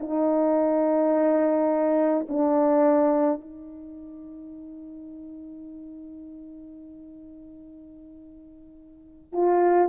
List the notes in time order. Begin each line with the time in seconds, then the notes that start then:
0.00 D#4
2.28 D4
3.41 D#4
9.32 F4